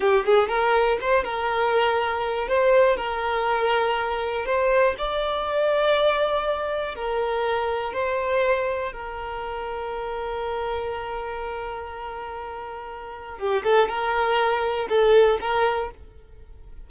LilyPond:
\new Staff \with { instrumentName = "violin" } { \time 4/4 \tempo 4 = 121 g'8 gis'8 ais'4 c''8 ais'4.~ | ais'4 c''4 ais'2~ | ais'4 c''4 d''2~ | d''2 ais'2 |
c''2 ais'2~ | ais'1~ | ais'2. g'8 a'8 | ais'2 a'4 ais'4 | }